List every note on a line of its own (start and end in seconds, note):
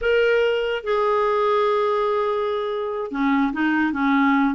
0.01 0.83 A#4
0.83 3.11 G#4
3.11 3.52 C#4
3.52 3.93 D#4
3.93 4.54 C#4